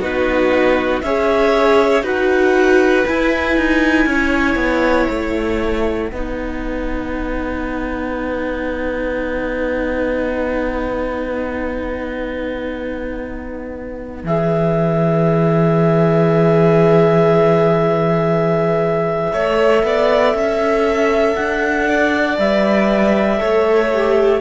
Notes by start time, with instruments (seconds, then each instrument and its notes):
0.00 cello B3, viola D#4, violin F#4, clarinet B4
1.01 cello C#4, viola G#4, violin C#5, clarinet E5
2.02 cello D#4, viola F#4, violin B4, clarinet F#5
3.07 cello E4, viola E4, clarinet G#5
3.57 cello D#4
4.06 cello C#4, violin C#5
4.55 cello B3
5.09 cello A3, clarinet F#5
6.09 cello B3, viola D#4, violin B4
14.24 cello E3, viola G#4, clarinet E5
19.33 cello A3, viola A4, violin C#5
19.83 cello B3, violin D5
20.33 cello C#4, violin E5
21.35 cello D4, clarinet F#5
21.88 violin D5
22.38 cello G3, viola B4, clarinet E5
23.38 cello A3, viola A4, violin C#5
23.93 viola G4